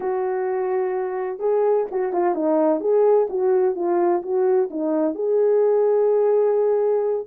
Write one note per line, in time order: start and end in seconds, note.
0.00 1.39 F#4
1.39 1.86 G#4
1.91 2.12 F#4
2.12 2.35 F4
2.35 2.80 D#4
2.80 3.27 G#4
3.29 3.75 F#4
3.75 4.22 F4
4.22 4.69 F#4
4.70 5.15 D#4
5.15 7.25 G#4